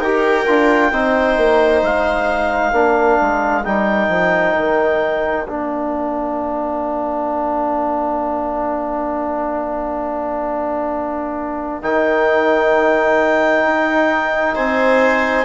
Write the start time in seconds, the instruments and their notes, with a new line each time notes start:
0.00 bassoon D#4, trombone G4, viola A#4, clarinet G5
0.47 bassoon D4, trombone F4
0.92 bassoon C4, trombone D#4, viola C5
1.37 bassoon A#3
1.83 bassoon G#3, clarinet F5
2.73 bassoon A#3, trombone D4, viola A#4
3.22 bassoon G#3
3.65 bassoon G3, trombone D#4, clarinet G5
4.09 bassoon F3
4.57 bassoon D#3
5.47 bassoon A#3, trombone D4, clarinet F5
11.83 bassoon D#3, trombone D#4, clarinet G5
13.66 bassoon D#4
14.56 bassoon C4, viola C5, clarinet G#5